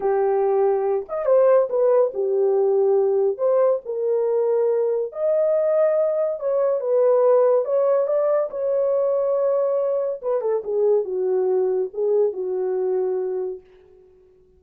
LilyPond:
\new Staff \with { instrumentName = "horn" } { \time 4/4 \tempo 4 = 141 g'2~ g'8 dis''8 c''4 | b'4 g'2. | c''4 ais'2. | dis''2. cis''4 |
b'2 cis''4 d''4 | cis''1 | b'8 a'8 gis'4 fis'2 | gis'4 fis'2. | }